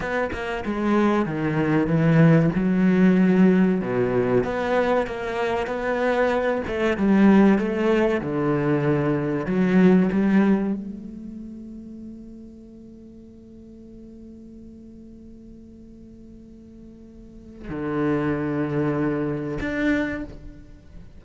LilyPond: \new Staff \with { instrumentName = "cello" } { \time 4/4 \tempo 4 = 95 b8 ais8 gis4 dis4 e4 | fis2 b,4 b4 | ais4 b4. a8 g4 | a4 d2 fis4 |
g4 a2.~ | a1~ | a1 | d2. d'4 | }